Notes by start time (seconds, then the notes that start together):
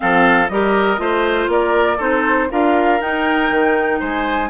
0.00 F3 C4 A4 F5
0.48 G3 G4 A#4 D#5
0.97 A3 F4 C5
1.47 A#3 A#4 D5
1.97 C4 D#4 A4 C5
2.50 D4 F4 A#4 F5
3.00 D#4 G5
3.50 D#3
3.99 G#3 C5 G#5